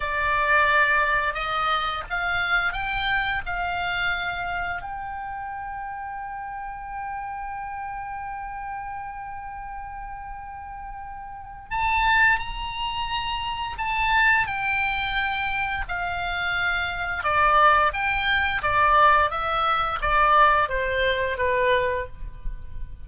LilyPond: \new Staff \with { instrumentName = "oboe" } { \time 4/4 \tempo 4 = 87 d''2 dis''4 f''4 | g''4 f''2 g''4~ | g''1~ | g''1~ |
g''4 a''4 ais''2 | a''4 g''2 f''4~ | f''4 d''4 g''4 d''4 | e''4 d''4 c''4 b'4 | }